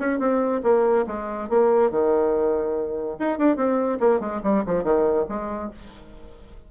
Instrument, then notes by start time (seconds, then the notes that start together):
bassoon
0.00 C#4
0.20 C4
0.64 A#3
1.07 G#3
1.49 A#3
1.91 D#3
3.19 D#4
3.39 D4
3.57 C4
4.00 A#3
4.20 G#3
4.43 G3
4.66 F3
4.84 D#3
5.29 G#3